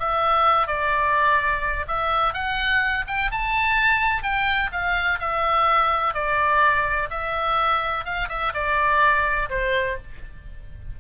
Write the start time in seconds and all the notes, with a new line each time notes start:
0.00 E5
0.67 D5
1.88 E5
2.34 F#5
3.07 G5
3.31 A5
4.23 G5
4.73 F5
5.20 E5
6.14 D5
7.10 E5
8.05 F5
8.29 E5
8.54 D5
9.50 C5